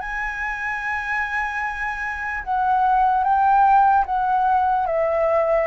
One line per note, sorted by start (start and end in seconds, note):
0.00 2.43 G#5
2.44 3.24 F#5
3.24 4.05 G5
4.06 4.87 F#5
4.87 5.68 E5